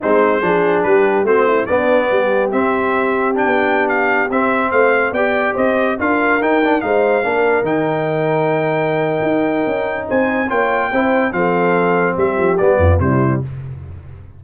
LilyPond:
<<
  \new Staff \with { instrumentName = "trumpet" } { \time 4/4 \tempo 4 = 143 c''2 b'4 c''4 | d''2 e''2 | g''4~ g''16 f''4 e''4 f''8.~ | f''16 g''4 dis''4 f''4 g''8.~ |
g''16 f''2 g''4.~ g''16~ | g''1 | gis''4 g''2 f''4~ | f''4 e''4 d''4 c''4 | }
  \new Staff \with { instrumentName = "horn" } { \time 4/4 dis'4 gis'4 g'4 fis'8 e'8 | d'4 g'2.~ | g'2.~ g'16 c''8.~ | c''16 d''4 c''4 ais'4.~ ais'16~ |
ais'16 c''4 ais'2~ ais'8.~ | ais'1 | c''4 cis''4 c''4 a'4~ | a'4 g'4. f'8 e'4 | }
  \new Staff \with { instrumentName = "trombone" } { \time 4/4 c'4 d'2 c'4 | b2 c'2 | d'2~ d'16 c'4.~ c'16~ | c'16 g'2 f'4 dis'8 d'16~ |
d'16 dis'4 d'4 dis'4.~ dis'16~ | dis'1~ | dis'4 f'4 e'4 c'4~ | c'2 b4 g4 | }
  \new Staff \with { instrumentName = "tuba" } { \time 4/4 gis4 f4 g4 a4 | b4 g4 c'2~ | c'16 b2 c'4 a8.~ | a16 b4 c'4 d'4 dis'8.~ |
dis'16 gis4 ais4 dis4.~ dis16~ | dis2 dis'4 cis'4 | c'4 ais4 c'4 f4~ | f4 g8 f8 g8 f,8 c4 | }
>>